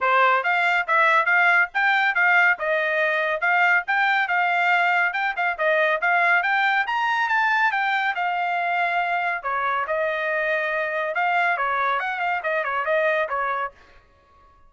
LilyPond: \new Staff \with { instrumentName = "trumpet" } { \time 4/4 \tempo 4 = 140 c''4 f''4 e''4 f''4 | g''4 f''4 dis''2 | f''4 g''4 f''2 | g''8 f''8 dis''4 f''4 g''4 |
ais''4 a''4 g''4 f''4~ | f''2 cis''4 dis''4~ | dis''2 f''4 cis''4 | fis''8 f''8 dis''8 cis''8 dis''4 cis''4 | }